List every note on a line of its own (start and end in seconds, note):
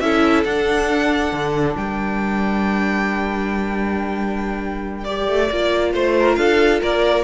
0.00 0.44 C#4
0.00 0.46 E4
0.00 1.79 A4
0.00 0.44 E5
0.45 1.32 D4
0.45 5.07 D4
0.45 1.76 F#5
1.32 1.76 D3
1.76 5.28 G3
1.76 5.93 A#4
1.76 5.05 G5
5.05 5.51 G4
5.05 5.92 D5
5.28 5.50 A3
5.51 5.94 A#3
5.51 7.24 F4
5.93 6.37 A3
5.93 6.15 C5
5.93 6.36 C5
6.19 6.39 A#4
6.36 6.81 D4
6.36 6.82 A4
6.36 6.80 F5
6.82 7.24 A#3
6.82 7.24 A#4
6.82 7.24 D5